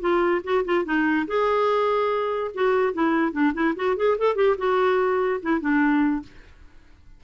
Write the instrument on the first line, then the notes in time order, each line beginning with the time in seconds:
clarinet
0.00 F4
0.43 F#4
0.65 F4
0.84 D#4
1.27 G#4
2.54 F#4
2.93 E4
3.32 D4
3.54 E4
3.75 F#4
3.96 G#4
4.18 A4
4.35 G4
4.57 F#4
5.42 E4
5.60 D4